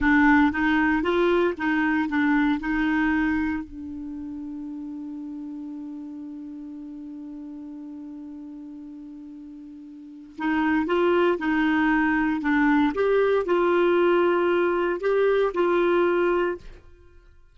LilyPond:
\new Staff \with { instrumentName = "clarinet" } { \time 4/4 \tempo 4 = 116 d'4 dis'4 f'4 dis'4 | d'4 dis'2 d'4~ | d'1~ | d'1~ |
d'1 | dis'4 f'4 dis'2 | d'4 g'4 f'2~ | f'4 g'4 f'2 | }